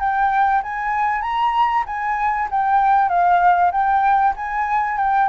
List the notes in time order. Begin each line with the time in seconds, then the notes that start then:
0.00 G5
0.63 G#5
1.22 A#5
1.87 G#5
2.51 G5
3.09 F5
3.72 G5
4.36 G#5
4.98 G5